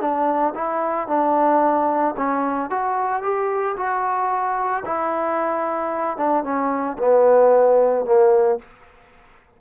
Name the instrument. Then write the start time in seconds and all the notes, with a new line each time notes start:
trombone
0.00 D4
0.55 E4
1.08 D4
2.17 C#4
2.70 F#4
3.22 G4
3.76 F#4
4.85 E4
6.17 D4
6.44 C#4
6.98 B3
8.05 A#3